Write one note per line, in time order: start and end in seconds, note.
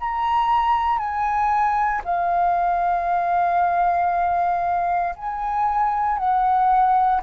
0.00 0.98 A#5
0.98 2.02 G#5
2.05 5.15 F5
5.16 6.18 G#5
6.18 7.21 F#5